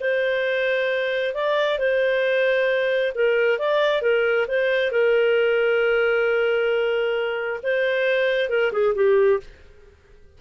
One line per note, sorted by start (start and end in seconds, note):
0.00 1.34 C5
1.34 1.78 D5
1.78 3.13 C5
3.14 3.58 A#4
3.58 4.02 D5
4.02 4.46 A#4
4.47 4.91 C5
4.91 7.60 A#4
7.63 8.49 C5
8.49 8.72 A#4
8.72 8.94 G#4
8.95 9.40 G4